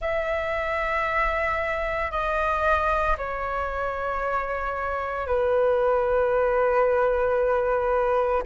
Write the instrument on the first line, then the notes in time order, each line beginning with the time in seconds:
flute
0.00 E5
2.11 D#5
3.17 C#5
5.26 B4